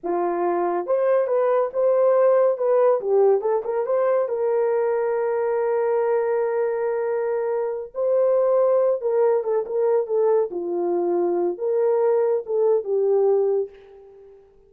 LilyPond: \new Staff \with { instrumentName = "horn" } { \time 4/4 \tempo 4 = 140 f'2 c''4 b'4 | c''2 b'4 g'4 | a'8 ais'8 c''4 ais'2~ | ais'1~ |
ais'2~ ais'8 c''4.~ | c''4 ais'4 a'8 ais'4 a'8~ | a'8 f'2~ f'8 ais'4~ | ais'4 a'4 g'2 | }